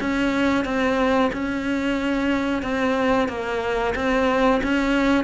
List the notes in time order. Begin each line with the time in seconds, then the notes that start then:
0.00 C#4
0.64 C4
1.32 C#4
2.62 C4
3.28 A#3
3.95 C4
4.62 C#4